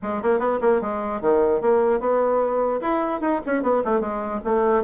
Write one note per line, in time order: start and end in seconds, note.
0.02 0.22 G#3
0.22 0.39 A#3
0.39 0.59 B3
0.61 0.81 A#3
0.81 1.21 G#3
1.21 1.61 D#3
1.61 2.00 A#3
2.00 2.80 B3
2.81 3.20 E4
3.20 3.40 D#4
3.46 3.63 C#4
3.63 3.83 B3
3.84 4.00 A3
4.00 4.40 G#3
4.44 4.83 A3